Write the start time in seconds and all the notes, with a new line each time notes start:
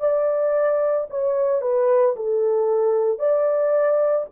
0.00 D5
1.10 C#5
1.62 B4
2.16 A4
3.19 D5